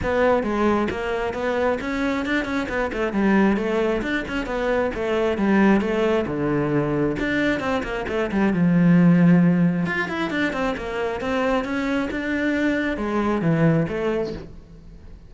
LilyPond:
\new Staff \with { instrumentName = "cello" } { \time 4/4 \tempo 4 = 134 b4 gis4 ais4 b4 | cis'4 d'8 cis'8 b8 a8 g4 | a4 d'8 cis'8 b4 a4 | g4 a4 d2 |
d'4 c'8 ais8 a8 g8 f4~ | f2 f'8 e'8 d'8 c'8 | ais4 c'4 cis'4 d'4~ | d'4 gis4 e4 a4 | }